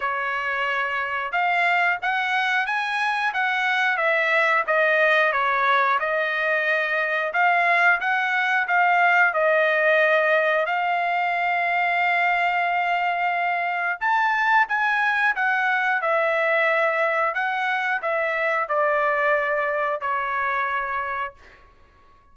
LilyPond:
\new Staff \with { instrumentName = "trumpet" } { \time 4/4 \tempo 4 = 90 cis''2 f''4 fis''4 | gis''4 fis''4 e''4 dis''4 | cis''4 dis''2 f''4 | fis''4 f''4 dis''2 |
f''1~ | f''4 a''4 gis''4 fis''4 | e''2 fis''4 e''4 | d''2 cis''2 | }